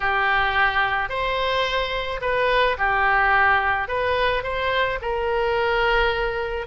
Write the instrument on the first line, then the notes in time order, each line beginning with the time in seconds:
oboe
0.00 G4
1.09 C5
2.21 B4
2.78 G4
3.87 B4
4.43 C5
5.01 A#4